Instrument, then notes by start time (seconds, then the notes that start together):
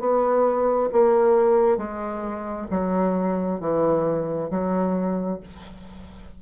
bassoon
0.00 B3
0.92 A#3
1.78 G#3
2.71 F#3
3.61 E3
4.51 F#3